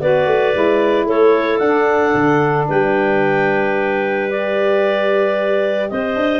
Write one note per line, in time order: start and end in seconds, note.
0.00 0.26 B3
0.00 0.53 F#4
0.00 1.07 B4
0.00 1.07 D5
0.26 0.53 A3
0.53 1.05 G#3
0.53 1.60 E4
1.05 1.59 A3
1.05 2.68 A4
1.05 1.58 C#5
1.58 2.13 D4
1.58 4.29 D4
1.58 2.65 F#5
2.14 2.68 D3
2.68 5.90 G3
2.68 5.89 B4
2.68 4.29 G5
4.29 6.40 G4
4.29 5.89 D5
5.89 6.15 C4
5.89 6.40 C5
5.89 6.40 D#5
6.15 6.40 D4